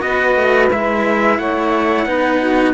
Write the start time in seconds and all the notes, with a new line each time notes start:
0.00 B3 F#4 B4 D#5
0.36 A3
0.71 G#3 E4 E5
1.38 A3 C#5 F#5
2.05 B3 D#4 B4
2.39 F#4